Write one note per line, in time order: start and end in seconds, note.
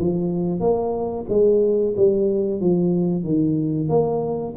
0.00 0.60 F3
0.60 1.26 A#3
1.30 1.95 G#3
1.97 2.61 G3
2.61 3.24 F3
3.24 3.90 D#3
3.90 4.55 A#3